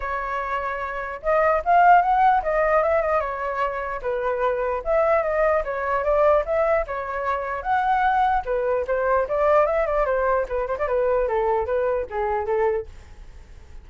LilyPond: \new Staff \with { instrumentName = "flute" } { \time 4/4 \tempo 4 = 149 cis''2. dis''4 | f''4 fis''4 dis''4 e''8 dis''8 | cis''2 b'2 | e''4 dis''4 cis''4 d''4 |
e''4 cis''2 fis''4~ | fis''4 b'4 c''4 d''4 | e''8 d''8 c''4 b'8 c''16 d''16 b'4 | a'4 b'4 gis'4 a'4 | }